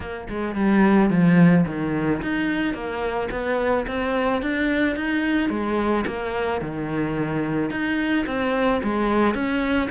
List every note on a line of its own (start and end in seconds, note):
0.00 0.27 A#3
0.29 0.55 G#3
0.55 1.10 G3
1.10 1.65 F3
1.66 2.21 D#3
2.22 2.73 D#4
2.73 3.29 A#3
3.31 3.86 B3
3.87 4.42 C4
4.42 4.95 D4
4.95 5.49 D#4
5.49 6.04 G#3
6.07 6.61 A#3
6.61 7.70 D#3
7.70 8.25 D#4
8.26 8.81 C4
8.83 9.34 G#3
9.34 9.89 C#4